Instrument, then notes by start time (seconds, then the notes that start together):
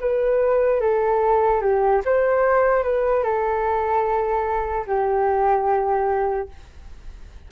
flute
0.00 B4
0.80 A4
1.61 G4
2.05 C5
2.83 B4
3.23 A4
4.86 G4